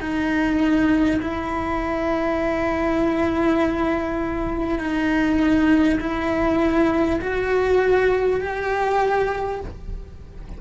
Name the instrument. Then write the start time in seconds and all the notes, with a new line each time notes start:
cello
0.00 D#4
1.21 E4
4.78 D#4
5.99 E4
7.20 F#4
8.40 G4